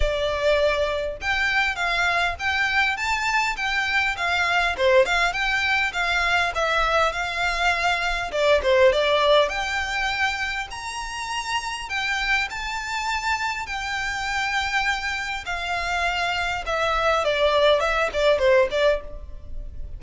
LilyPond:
\new Staff \with { instrumentName = "violin" } { \time 4/4 \tempo 4 = 101 d''2 g''4 f''4 | g''4 a''4 g''4 f''4 | c''8 f''8 g''4 f''4 e''4 | f''2 d''8 c''8 d''4 |
g''2 ais''2 | g''4 a''2 g''4~ | g''2 f''2 | e''4 d''4 e''8 d''8 c''8 d''8 | }